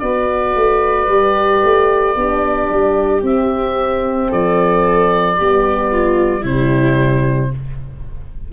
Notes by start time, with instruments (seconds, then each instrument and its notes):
0.00 tuba B3, horn F#4, viola B4, oboe D5
0.56 tuba A3
1.08 tuba G3, horn G4
1.64 tuba A3
2.16 tuba B3, horn D4, viola G4
2.71 tuba G3
3.23 tuba C4, horn C4, oboe E5
4.29 tuba F3, viola A4, oboe D5
5.37 tuba G3, horn B3, viola G4
5.92 viola F4
6.42 tuba C3, horn G3, viola E4, oboe C5